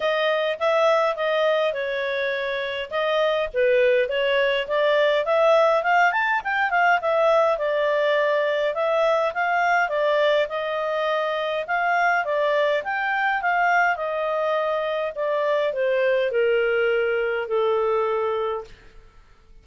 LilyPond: \new Staff \with { instrumentName = "clarinet" } { \time 4/4 \tempo 4 = 103 dis''4 e''4 dis''4 cis''4~ | cis''4 dis''4 b'4 cis''4 | d''4 e''4 f''8 a''8 g''8 f''8 | e''4 d''2 e''4 |
f''4 d''4 dis''2 | f''4 d''4 g''4 f''4 | dis''2 d''4 c''4 | ais'2 a'2 | }